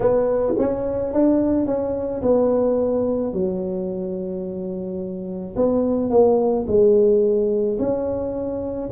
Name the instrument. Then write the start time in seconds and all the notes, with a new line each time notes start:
tuba
0.00 B3
0.58 C#4
1.13 D4
1.66 C#4
2.22 B3
3.33 F#3
5.56 B3
6.10 A#3
6.67 G#3
7.78 C#4